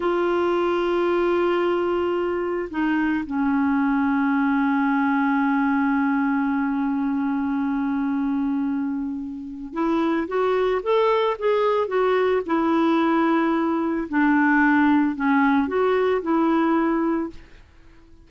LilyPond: \new Staff \with { instrumentName = "clarinet" } { \time 4/4 \tempo 4 = 111 f'1~ | f'4 dis'4 cis'2~ | cis'1~ | cis'1~ |
cis'2 e'4 fis'4 | a'4 gis'4 fis'4 e'4~ | e'2 d'2 | cis'4 fis'4 e'2 | }